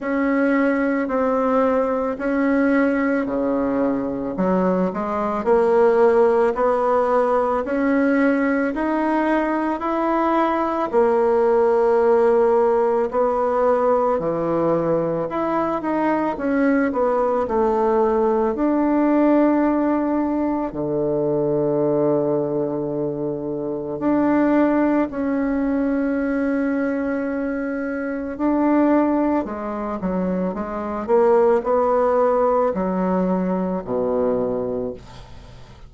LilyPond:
\new Staff \with { instrumentName = "bassoon" } { \time 4/4 \tempo 4 = 55 cis'4 c'4 cis'4 cis4 | fis8 gis8 ais4 b4 cis'4 | dis'4 e'4 ais2 | b4 e4 e'8 dis'8 cis'8 b8 |
a4 d'2 d4~ | d2 d'4 cis'4~ | cis'2 d'4 gis8 fis8 | gis8 ais8 b4 fis4 b,4 | }